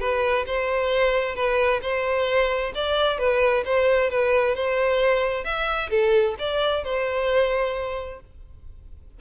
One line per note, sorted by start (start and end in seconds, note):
0.00 0.45 B4
0.47 1.35 C5
1.35 1.81 B4
1.82 2.73 C5
2.75 3.19 D5
3.19 3.64 B4
3.66 4.10 C5
4.10 4.55 B4
4.55 5.45 C5
5.45 5.90 E5
5.90 6.36 A4
6.39 6.84 D5
6.84 8.20 C5